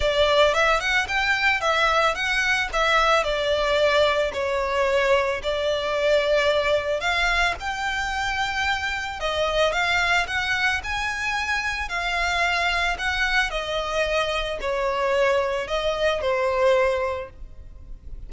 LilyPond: \new Staff \with { instrumentName = "violin" } { \time 4/4 \tempo 4 = 111 d''4 e''8 fis''8 g''4 e''4 | fis''4 e''4 d''2 | cis''2 d''2~ | d''4 f''4 g''2~ |
g''4 dis''4 f''4 fis''4 | gis''2 f''2 | fis''4 dis''2 cis''4~ | cis''4 dis''4 c''2 | }